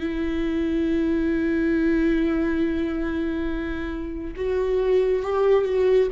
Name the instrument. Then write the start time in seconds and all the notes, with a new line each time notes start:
viola
0.00 E4
4.36 F#4
5.23 G4
5.65 F#4